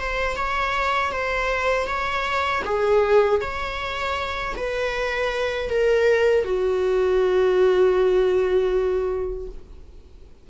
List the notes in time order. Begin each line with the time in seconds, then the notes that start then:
0.00 C5
0.36 C#5
1.12 C5
1.87 C#5
2.65 G#4
3.41 C#5
4.56 B4
5.70 A#4
6.45 F#4